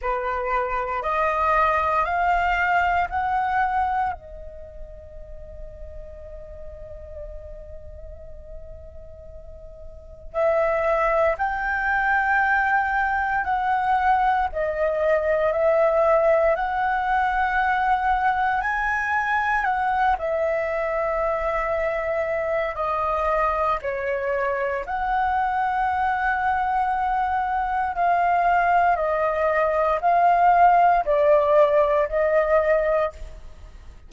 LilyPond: \new Staff \with { instrumentName = "flute" } { \time 4/4 \tempo 4 = 58 b'4 dis''4 f''4 fis''4 | dis''1~ | dis''2 e''4 g''4~ | g''4 fis''4 dis''4 e''4 |
fis''2 gis''4 fis''8 e''8~ | e''2 dis''4 cis''4 | fis''2. f''4 | dis''4 f''4 d''4 dis''4 | }